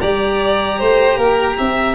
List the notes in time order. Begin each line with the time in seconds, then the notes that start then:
0.00 G3 G4 D5 A#5
0.79 A3 C5
1.17 A#3 A#4
1.58 C4 E5